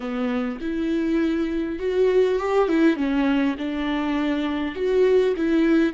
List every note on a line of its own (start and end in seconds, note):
0.00 0.59 B3
0.60 1.79 E4
1.79 2.38 F#4
2.38 2.68 G4
2.68 2.96 E4
2.96 3.56 C#4
3.58 4.75 D4
4.75 5.34 F#4
5.36 5.93 E4